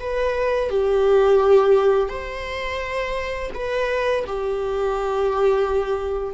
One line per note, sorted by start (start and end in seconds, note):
0.00 0.70 B4
0.70 2.09 G4
2.09 3.50 C5
3.54 4.25 B4
4.27 6.34 G4